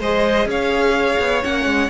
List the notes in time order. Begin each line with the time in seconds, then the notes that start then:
0.00 G#3 G#4 C5 D#5
0.46 C#4 C#5 F5
1.20 B3
1.43 A#3 C#4 F#5
1.65 G#3